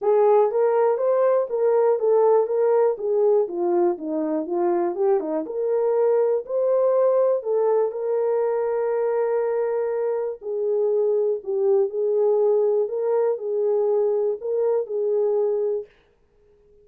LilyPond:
\new Staff \with { instrumentName = "horn" } { \time 4/4 \tempo 4 = 121 gis'4 ais'4 c''4 ais'4 | a'4 ais'4 gis'4 f'4 | dis'4 f'4 g'8 dis'8 ais'4~ | ais'4 c''2 a'4 |
ais'1~ | ais'4 gis'2 g'4 | gis'2 ais'4 gis'4~ | gis'4 ais'4 gis'2 | }